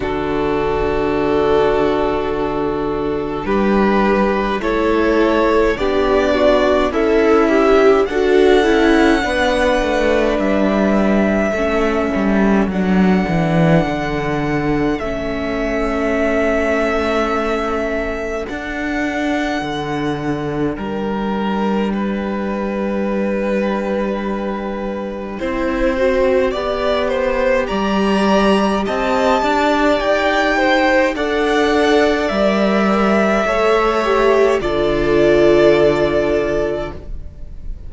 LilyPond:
<<
  \new Staff \with { instrumentName = "violin" } { \time 4/4 \tempo 4 = 52 a'2. b'4 | cis''4 d''4 e''4 fis''4~ | fis''4 e''2 fis''4~ | fis''4 e''2. |
fis''2 g''2~ | g''1 | ais''4 a''4 g''4 fis''4 | e''2 d''2 | }
  \new Staff \with { instrumentName = "violin" } { \time 4/4 fis'2. g'4 | a'4 g'8 fis'8 e'4 a'4 | b'2 a'2~ | a'1~ |
a'2 ais'4 b'4~ | b'2 c''4 d''8 c''8 | d''4 dis''8 d''4 c''8 d''4~ | d''4 cis''4 a'2 | }
  \new Staff \with { instrumentName = "viola" } { \time 4/4 d'1 | e'4 d'4 a'8 g'8 fis'8 e'8 | d'2 cis'4 d'4~ | d'4 cis'2. |
d'1~ | d'2 e'8 fis'8 g'4~ | g'2. a'4 | ais'4 a'8 g'8 f'2 | }
  \new Staff \with { instrumentName = "cello" } { \time 4/4 d2. g4 | a4 b4 cis'4 d'8 cis'8 | b8 a8 g4 a8 g8 fis8 e8 | d4 a2. |
d'4 d4 g2~ | g2 c'4 b4 | g4 c'8 d'8 dis'4 d'4 | g4 a4 d2 | }
>>